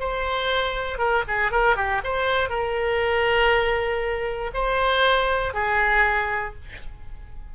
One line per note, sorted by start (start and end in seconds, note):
0.00 0.99 C5
0.99 1.24 A#4
1.28 1.52 G#4
1.52 1.76 A#4
1.76 2.02 G4
2.04 2.50 C5
2.50 4.51 A#4
4.54 5.54 C5
5.54 6.55 G#4